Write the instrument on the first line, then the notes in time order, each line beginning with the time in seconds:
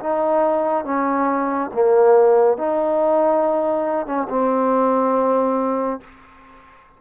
trombone
0.00 D#4
0.85 C#4
1.73 A#3
2.58 D#4
4.06 C#4
4.29 C4